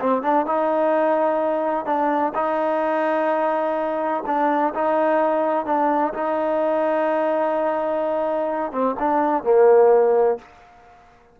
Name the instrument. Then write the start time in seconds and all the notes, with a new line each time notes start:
trombone
0.00 C4
0.23 D4
0.46 D#4
1.86 D4
2.35 D#4
4.26 D4
4.74 D#4
5.66 D4
6.14 D#4
8.72 C4
8.99 D4
9.44 A#3